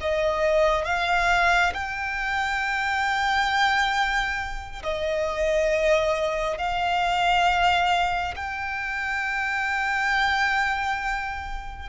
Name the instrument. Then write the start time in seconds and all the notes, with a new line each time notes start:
violin
0.00 D#5
0.85 F5
1.73 G5
4.82 D#5
6.57 F5
8.35 G5